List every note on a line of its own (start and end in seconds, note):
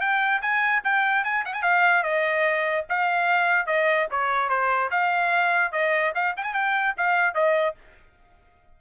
0.00 0.41 G5
0.41 0.82 G#5
0.84 1.24 G5
1.24 1.44 G#5
1.45 1.53 F#5
1.53 1.62 G#5
1.62 2.03 F5
2.03 2.85 D#5
2.89 3.66 F5
3.66 4.07 D#5
4.10 4.49 C#5
4.49 4.90 C5
4.90 5.72 F5
5.72 6.12 D#5
6.15 6.35 F5
6.37 6.43 G5
6.43 6.53 G#5
6.53 6.94 G5
6.97 7.34 F5
7.34 7.75 D#5